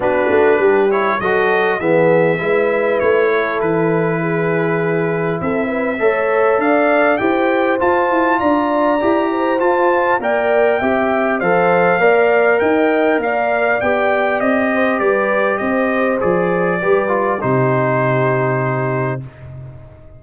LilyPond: <<
  \new Staff \with { instrumentName = "trumpet" } { \time 4/4 \tempo 4 = 100 b'4. cis''8 dis''4 e''4~ | e''4 cis''4 b'2~ | b'4 e''2 f''4 | g''4 a''4 ais''2 |
a''4 g''2 f''4~ | f''4 g''4 f''4 g''4 | dis''4 d''4 dis''4 d''4~ | d''4 c''2. | }
  \new Staff \with { instrumentName = "horn" } { \time 4/4 fis'4 g'4 a'4 gis'4 | b'4. a'4. gis'4~ | gis'4 a'8 b'8 cis''4 d''4 | c''2 d''4. c''8~ |
c''4 d''4 e''4 c''4 | d''4 dis''4 d''2~ | d''8 c''8 b'4 c''2 | b'4 g'2. | }
  \new Staff \with { instrumentName = "trombone" } { \time 4/4 d'4. e'8 fis'4 b4 | e'1~ | e'2 a'2 | g'4 f'2 g'4 |
f'4 ais'4 g'4 a'4 | ais'2. g'4~ | g'2. gis'4 | g'8 f'8 dis'2. | }
  \new Staff \with { instrumentName = "tuba" } { \time 4/4 b8 a8 g4 fis4 e4 | gis4 a4 e2~ | e4 c'4 a4 d'4 | e'4 f'8 e'8 d'4 e'4 |
f'4 ais4 c'4 f4 | ais4 dis'4 ais4 b4 | c'4 g4 c'4 f4 | g4 c2. | }
>>